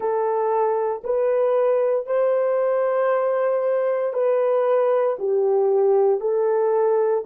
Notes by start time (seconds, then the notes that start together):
0.00 A4
1.03 B4
2.06 C5
4.13 B4
5.19 G4
6.20 A4